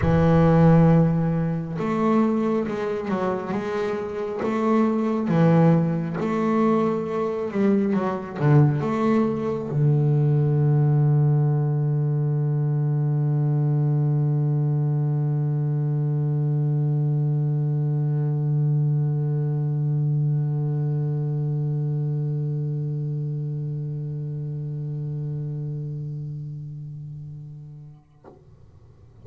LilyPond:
\new Staff \with { instrumentName = "double bass" } { \time 4/4 \tempo 4 = 68 e2 a4 gis8 fis8 | gis4 a4 e4 a4~ | a8 g8 fis8 d8 a4 d4~ | d1~ |
d1~ | d1~ | d1~ | d1 | }